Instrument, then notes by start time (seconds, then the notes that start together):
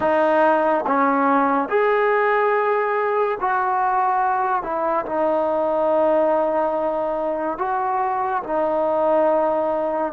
trombone
0.00 D#4
0.86 C#4
1.69 G#4
3.40 F#4
4.62 E4
5.05 D#4
7.58 F#4
8.43 D#4